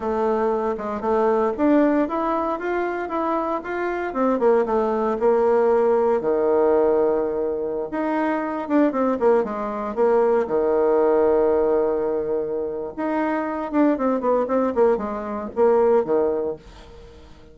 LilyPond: \new Staff \with { instrumentName = "bassoon" } { \time 4/4 \tempo 4 = 116 a4. gis8 a4 d'4 | e'4 f'4 e'4 f'4 | c'8 ais8 a4 ais2 | dis2.~ dis16 dis'8.~ |
dis'8. d'8 c'8 ais8 gis4 ais8.~ | ais16 dis2.~ dis8.~ | dis4 dis'4. d'8 c'8 b8 | c'8 ais8 gis4 ais4 dis4 | }